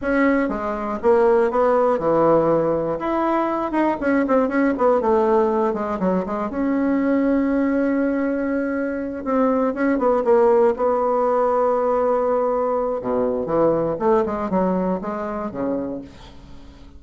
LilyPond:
\new Staff \with { instrumentName = "bassoon" } { \time 4/4 \tempo 4 = 120 cis'4 gis4 ais4 b4 | e2 e'4. dis'8 | cis'8 c'8 cis'8 b8 a4. gis8 | fis8 gis8 cis'2.~ |
cis'2~ cis'8 c'4 cis'8 | b8 ais4 b2~ b8~ | b2 b,4 e4 | a8 gis8 fis4 gis4 cis4 | }